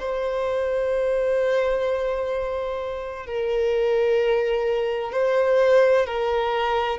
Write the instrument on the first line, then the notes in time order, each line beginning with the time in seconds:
violin
0.00 C5
3.26 A#4
5.13 C5
6.07 A#4